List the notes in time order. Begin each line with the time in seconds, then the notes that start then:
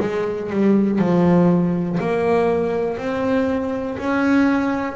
0.00 G#3
0.50 G3
0.99 F3
2.00 A#3
2.98 C4
3.99 C#4